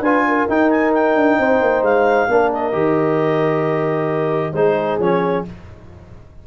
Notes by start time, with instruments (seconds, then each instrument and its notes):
0.00 tuba D4, trombone F4, horn B4, clarinet G#5
0.27 horn A#4
0.48 tuba D#4, trombone D#4, clarinet G5
0.70 clarinet G#5
0.93 clarinet G5
1.15 tuba D4
1.38 tuba C4, horn C5
1.60 tuba A#3
1.82 tuba G#3, clarinet F5
2.28 tuba A#3, trombone D4, horn A#4
2.52 clarinet D#5
2.72 tuba D#3, trombone G4
4.53 tuba G#3, trombone D#4, horn G#4, clarinet C5
4.99 tuba F3, trombone C#4, clarinet C#5